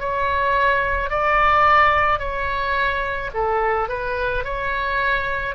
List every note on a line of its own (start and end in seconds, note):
0.00 1.10 C#5
1.10 2.19 D5
2.19 3.30 C#5
3.34 3.89 A4
3.89 4.44 B4
4.44 5.56 C#5